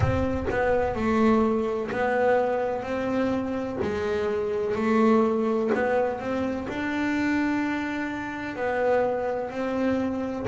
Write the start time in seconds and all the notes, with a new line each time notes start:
0.00 C4
0.50 B3
0.95 A3
1.91 B3
2.83 C4
3.82 G#3
4.75 A3
5.74 B3
6.19 C4
6.68 D4
8.55 B3
9.50 C4